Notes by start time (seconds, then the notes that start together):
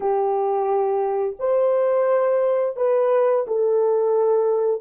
0.00 G4
1.39 C5
2.76 B4
3.47 A4